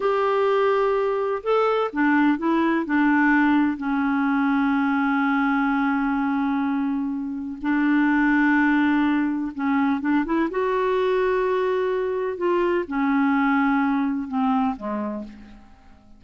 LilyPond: \new Staff \with { instrumentName = "clarinet" } { \time 4/4 \tempo 4 = 126 g'2. a'4 | d'4 e'4 d'2 | cis'1~ | cis'1 |
d'1 | cis'4 d'8 e'8 fis'2~ | fis'2 f'4 cis'4~ | cis'2 c'4 gis4 | }